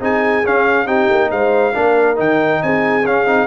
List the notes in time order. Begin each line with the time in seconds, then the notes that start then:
0.00 C4 D#4 G#4 G#5
0.44 C#4 F5
0.86 C4 D#4 G4 G5
1.10 A#3
1.31 G#3 C5 F5
1.73 A#3 D4 A#4
2.16 D#3 D#4 G5
2.63 C4 G#4 G#5
3.04 C#4 F5
3.25 C4 D#4